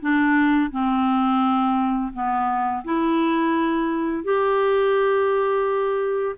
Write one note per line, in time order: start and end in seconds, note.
0.00 0.71 D4
0.71 2.12 C4
2.13 2.84 B3
2.84 4.24 E4
4.24 6.36 G4